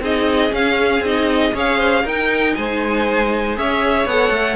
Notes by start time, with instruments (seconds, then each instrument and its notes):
0.00 cello C4, viola D#4, violin G#4 D#5
0.50 viola C#4, cello C#4, violin F5
1.01 cello C4, viola D#4, violin D#5
1.53 cello C#4, viola G#4, violin C#5 F5
1.78 violin C5
2.05 cello D#4, viola D#4, violin A#4 G5
2.55 cello G#3, violin C5 G#5
3.55 cello C#4, viola G#4, violin C#5 E5
4.06 cello B3, viola A4, violin F#5
4.30 cello A3